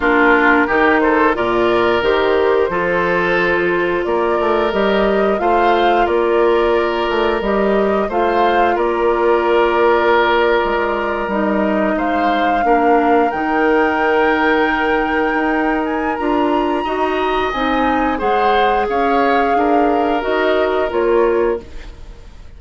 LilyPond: <<
  \new Staff \with { instrumentName = "flute" } { \time 4/4 \tempo 4 = 89 ais'4. c''8 d''4 c''4~ | c''2 d''4 dis''4 | f''4 d''2 dis''4 | f''4 d''2.~ |
d''8. dis''4 f''2 g''16~ | g''2.~ g''8 gis''8 | ais''2 gis''4 fis''4 | f''2 dis''4 cis''4 | }
  \new Staff \with { instrumentName = "oboe" } { \time 4/4 f'4 g'8 a'8 ais'2 | a'2 ais'2 | c''4 ais'2. | c''4 ais'2.~ |
ais'4.~ ais'16 c''4 ais'4~ ais'16~ | ais'1~ | ais'4 dis''2 c''4 | cis''4 ais'2. | }
  \new Staff \with { instrumentName = "clarinet" } { \time 4/4 d'4 dis'4 f'4 g'4 | f'2. g'4 | f'2. g'4 | f'1~ |
f'8. dis'2 d'4 dis'16~ | dis'1 | f'4 fis'4 dis'4 gis'4~ | gis'2 fis'4 f'4 | }
  \new Staff \with { instrumentName = "bassoon" } { \time 4/4 ais4 dis4 ais,4 dis4 | f2 ais8 a8 g4 | a4 ais4. a8 g4 | a4 ais2~ ais8. gis16~ |
gis8. g4 gis4 ais4 dis16~ | dis2~ dis8. dis'4~ dis'16 | d'4 dis'4 c'4 gis4 | cis'4 d'4 dis'4 ais4 | }
>>